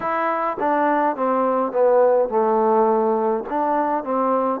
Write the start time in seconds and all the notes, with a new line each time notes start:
0.00 E4
0.59 D4
1.15 C4
1.72 B3
2.28 A3
3.49 D4
4.04 C4